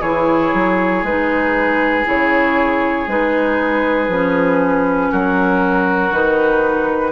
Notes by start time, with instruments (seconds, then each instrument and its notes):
0.00 bassoon E3, clarinet E4, oboe G#4, flute C#5
0.53 bassoon F#3
1.03 bassoon G#3, clarinet D#4, flute B4
2.04 bassoon C#3, clarinet E4, flute C#5
3.07 bassoon G#3, clarinet D#4, flute B4
4.08 bassoon F3, clarinet C#4
5.11 bassoon F#3, oboe F#4, flute A#4
6.11 bassoon D#3, clarinet D#4, flute B4